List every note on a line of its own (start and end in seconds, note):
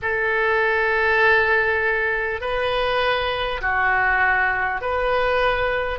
0.02 2.40 A4
2.40 3.60 B4
3.61 4.81 F#4
4.81 5.99 B4